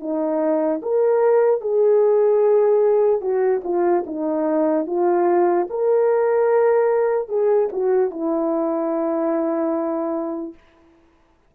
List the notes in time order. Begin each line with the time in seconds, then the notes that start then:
0.00 D#4
0.82 A#4
1.61 G#4
3.21 F#4
3.64 F4
4.07 D#4
4.86 F4
5.70 A#4
7.29 G#4
7.72 F#4
8.10 E4